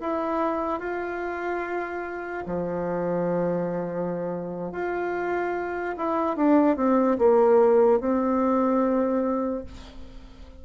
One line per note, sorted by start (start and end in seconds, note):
0.00 0.80 E4
0.80 2.44 F4
2.46 4.72 F3
4.72 5.95 F4
5.97 6.36 E4
6.36 6.77 D4
6.77 7.18 C4
7.18 8.00 A#3
8.00 9.65 C4